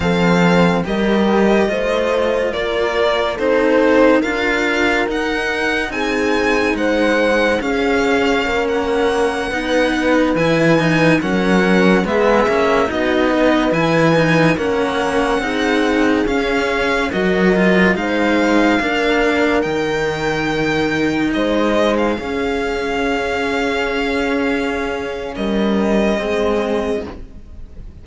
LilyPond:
<<
  \new Staff \with { instrumentName = "violin" } { \time 4/4 \tempo 4 = 71 f''4 dis''2 d''4 | c''4 f''4 fis''4 gis''4 | fis''4 f''4~ f''16 fis''4.~ fis''16~ | fis''16 gis''4 fis''4 e''4 dis''8.~ |
dis''16 gis''4 fis''2 f''8.~ | f''16 dis''4 f''2 g''8.~ | g''4~ g''16 dis''8. f''2~ | f''2 dis''2 | }
  \new Staff \with { instrumentName = "horn" } { \time 4/4 a'4 ais'4 c''4 ais'4 | a'4 ais'2 gis'4 | c''4 gis'4 ais'4~ ais'16 b'8.~ | b'4~ b'16 ais'4 gis'4 fis'8 b'16~ |
b'4~ b'16 ais'4 gis'4.~ gis'16~ | gis'16 ais'4 c''4 ais'4.~ ais'16~ | ais'4~ ais'16 c''4 gis'4.~ gis'16~ | gis'2 ais'4 gis'4 | }
  \new Staff \with { instrumentName = "cello" } { \time 4/4 c'4 g'4 f'2 | dis'4 f'4 dis'2~ | dis'4 cis'2~ cis'16 dis'8.~ | dis'16 e'8 dis'8 cis'4 b8 cis'8 dis'8.~ |
dis'16 e'8 dis'8 cis'4 dis'4 cis'8.~ | cis'16 fis'8 f'8 dis'4 d'4 dis'8.~ | dis'2~ dis'16 cis'4.~ cis'16~ | cis'2. c'4 | }
  \new Staff \with { instrumentName = "cello" } { \time 4/4 f4 g4 a4 ais4 | c'4 d'4 dis'4 c'4 | gis4 cis'4 ais4~ ais16 b8.~ | b16 e4 fis4 gis8 ais8 b8.~ |
b16 e4 ais4 c'4 cis'8.~ | cis'16 fis4 gis4 ais4 dis8.~ | dis4~ dis16 gis4 cis'4.~ cis'16~ | cis'2 g4 gis4 | }
>>